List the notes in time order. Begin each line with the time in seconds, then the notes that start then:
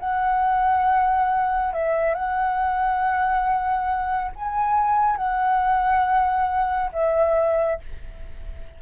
0.00 F#5
1.74 E5
2.15 F#5
4.36 G#5
5.17 F#5
6.93 E5